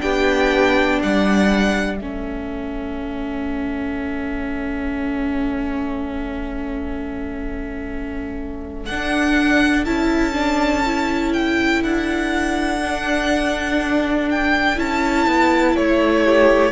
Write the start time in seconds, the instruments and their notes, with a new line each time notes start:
0.00 cello B3, viola D4, violin G4 G5
1.02 cello G3, violin D5 F#5
1.97 cello A3, viola C#4, violin A4 E5
8.85 cello D4, viola D4, violin F#5
9.85 cello C#4, viola E4, violin A5
10.33 viola D4
10.85 viola E4
11.33 violin G5
11.83 cello D4, violin F#5
12.81 viola D4
14.30 violin G5
14.76 cello C#4, viola E4, violin A5
15.26 cello B3
15.75 cello A3, violin C#5
16.24 violin G4